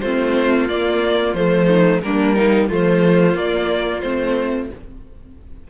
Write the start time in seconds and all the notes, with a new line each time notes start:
0.00 A3 C4 F4 C5
0.68 A#3 D5
1.34 F3 A3 C5
1.66 D#4
2.01 G3 A#3 D4 A#4
2.35 A#3 D#4
2.68 F3 A3 F4 C5
3.34 A#3 D5
4.01 A3 C4 C5